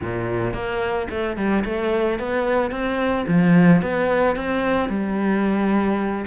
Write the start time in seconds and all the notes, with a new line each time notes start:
0.02 A#2
0.53 A#3
1.10 A3
1.36 G3
1.64 A3
2.19 B3
2.71 C4
3.27 F3
3.82 B3
4.36 C4
4.89 G3